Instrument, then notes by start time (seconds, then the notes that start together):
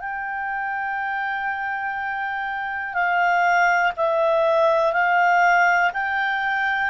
clarinet
0.00 G5
2.94 F5
3.97 E5
4.93 F5
5.93 G5